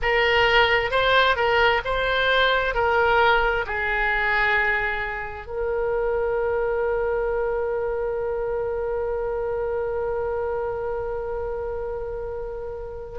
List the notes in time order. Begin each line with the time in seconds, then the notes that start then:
0.02 A#4
0.90 C5
1.36 A#4
1.84 C5
2.74 A#4
3.66 G#4
5.46 A#4